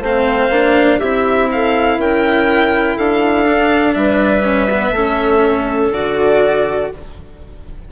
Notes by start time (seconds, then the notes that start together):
0.00 A3 C4 C5 F5
0.50 A#3 D4
0.99 C4 E4 G4 E5
1.51 A4 F5
1.98 C#4 A#4 G5
2.97 D4 A4 F5
3.45 D4
3.94 G3 B4 E5
4.43 C#4
4.71 B3
4.91 A3 C#4 A4
5.92 D3 F#4 D5